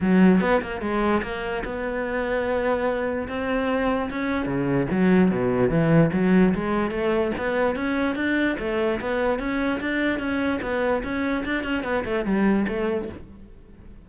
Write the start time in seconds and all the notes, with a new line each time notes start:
0.00 F#3
0.40 B3
0.61 A#3
0.81 G#3
1.22 A#3
1.64 B3
3.28 C4
4.10 C#4
4.46 C#3
4.90 F#3
5.30 B2
5.69 E3
6.13 F#3
6.54 G#3
6.91 A3
7.37 B3
7.75 C#4
8.15 D4
8.59 A3
9.00 B3
9.39 C#4
9.80 D4
10.19 C#4
10.62 B3
11.03 C#4
11.45 D4
11.63 C#4
11.83 B3
12.04 A3
12.25 G3
12.67 A3